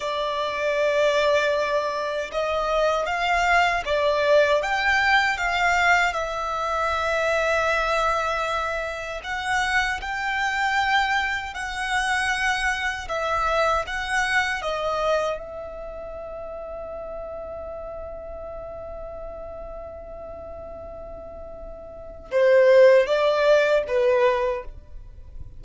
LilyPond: \new Staff \with { instrumentName = "violin" } { \time 4/4 \tempo 4 = 78 d''2. dis''4 | f''4 d''4 g''4 f''4 | e''1 | fis''4 g''2 fis''4~ |
fis''4 e''4 fis''4 dis''4 | e''1~ | e''1~ | e''4 c''4 d''4 b'4 | }